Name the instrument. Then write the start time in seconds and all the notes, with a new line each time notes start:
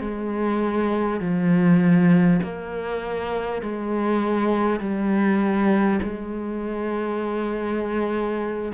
cello
0.00 G#3
1.20 F3
2.42 A#3
3.61 G#3
4.79 G3
6.02 G#3